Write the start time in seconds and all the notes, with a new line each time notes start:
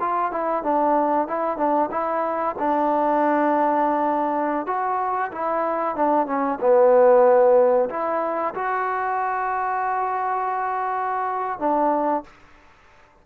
0.00 F4
0.31 E4
0.63 D4
1.28 E4
1.57 D4
1.91 E4
2.59 D4
4.67 F#4
5.31 E4
5.96 D4
6.27 C#4
6.60 B3
7.89 E4
8.55 F#4
11.59 D4